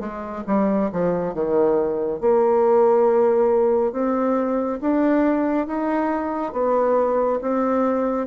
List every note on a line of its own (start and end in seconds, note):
0.00 0.43 G#3
0.47 0.91 G3
0.92 1.34 F3
1.34 2.21 D#3
2.21 3.92 A#3
3.92 4.79 C4
4.81 5.67 D4
5.67 6.53 D#4
6.53 7.40 B3
7.42 8.27 C4